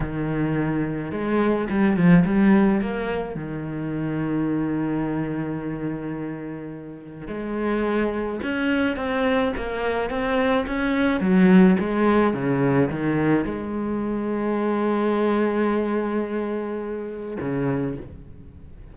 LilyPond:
\new Staff \with { instrumentName = "cello" } { \time 4/4 \tempo 4 = 107 dis2 gis4 g8 f8 | g4 ais4 dis2~ | dis1~ | dis4 gis2 cis'4 |
c'4 ais4 c'4 cis'4 | fis4 gis4 cis4 dis4 | gis1~ | gis2. cis4 | }